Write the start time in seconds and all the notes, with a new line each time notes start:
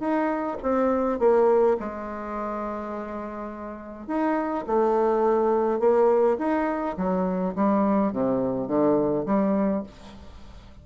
0.00 D#4
0.63 C4
1.20 A#3
1.80 G#3
4.08 D#4
4.67 A3
5.80 A#3
6.39 D#4
6.98 F#3
7.56 G3
8.13 C3
8.68 D3
9.26 G3